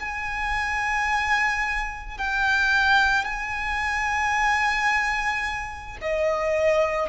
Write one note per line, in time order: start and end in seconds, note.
0.00 2.18 G#5
2.18 3.25 G5
3.25 5.98 G#5
6.01 7.10 D#5